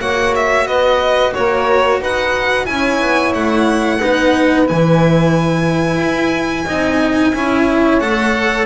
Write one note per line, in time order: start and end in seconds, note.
0.00 0.66 A#3
0.00 2.66 F#4
0.00 0.66 C#5
0.00 0.34 F#5
0.35 0.67 E5
0.66 1.33 B3
0.66 1.32 B4
0.66 1.33 D#5
1.34 2.01 A#3
1.34 2.00 A#4
1.34 2.01 C#5
2.00 2.68 D#4
2.00 2.66 B4
2.00 2.66 F#5
2.66 3.00 C#4
2.66 3.99 E4
2.66 3.99 C#5
2.66 3.32 G#5
3.00 3.34 B3
3.34 4.01 A3
3.34 4.67 F#5
3.99 4.70 B3
3.99 4.66 D#4
3.99 6.65 B4
4.66 5.98 E3
4.66 6.66 E4
4.66 7.99 G#5
5.98 6.65 E4
6.65 7.34 C4
6.65 7.33 D#4
6.65 7.32 D#5
7.34 8.01 C#4
7.34 8.01 E4
7.34 8.66 C#5
7.99 8.66 A3
7.99 8.66 A4
7.99 8.66 F#5